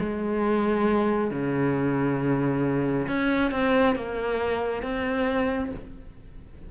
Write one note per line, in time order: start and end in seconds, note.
0.00 1.31 G#3
1.31 3.08 C#3
3.08 3.52 C#4
3.52 3.96 C4
3.96 4.83 A#3
4.83 5.71 C4